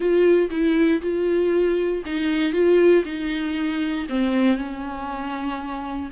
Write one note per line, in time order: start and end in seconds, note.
0.00 0.49 F4
0.50 1.01 E4
1.01 2.03 F4
2.05 2.52 D#4
2.52 3.03 F4
3.05 4.06 D#4
4.09 4.56 C4
4.56 6.09 C#4